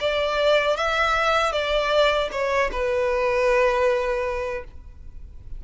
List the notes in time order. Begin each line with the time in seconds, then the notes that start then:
0.00 D5
0.76 E5
1.52 D5
2.31 C#5
2.72 B4